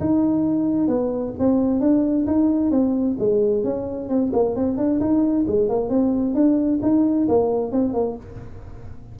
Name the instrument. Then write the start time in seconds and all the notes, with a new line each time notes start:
tuba
0.00 D#4
0.88 B3
1.39 C4
1.80 D4
2.27 D#4
2.71 C4
3.19 G#3
3.64 C#4
4.09 C4
4.33 A#3
4.56 C4
4.77 D4
5.00 D#4
5.47 G#3
5.69 A#3
5.89 C4
6.34 D4
6.82 D#4
7.28 A#3
7.71 C4
7.93 A#3